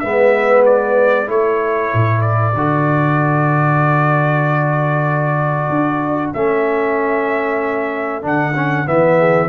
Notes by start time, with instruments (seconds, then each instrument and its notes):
0.00 tuba G#3, trombone B3, horn B4, trumpet E5
0.66 trumpet D5
1.27 tuba A3, trombone E4, horn A4, trumpet C#5
1.94 tuba A2
2.22 trumpet D5
2.55 tuba D3, trombone F#4
5.70 tuba D4
6.34 tuba A3, trombone C#4, trumpet E5
8.22 tuba D3, trombone D4, trumpet F#5
8.55 trombone C#4
8.86 tuba E3, trombone B3, trumpet E5
9.19 horn G#4